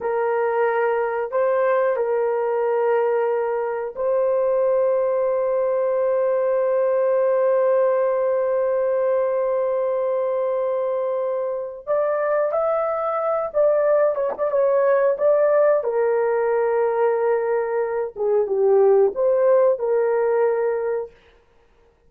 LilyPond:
\new Staff \with { instrumentName = "horn" } { \time 4/4 \tempo 4 = 91 ais'2 c''4 ais'4~ | ais'2 c''2~ | c''1~ | c''1~ |
c''2 d''4 e''4~ | e''8 d''4 cis''16 d''16 cis''4 d''4 | ais'2.~ ais'8 gis'8 | g'4 c''4 ais'2 | }